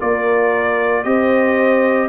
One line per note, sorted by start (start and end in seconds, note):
0.00 1.05 A#3
0.00 1.05 F4
0.00 1.05 A#4
0.00 1.04 D5
1.04 2.09 C4
1.04 2.09 G4
1.04 2.09 C5
1.04 2.09 D#5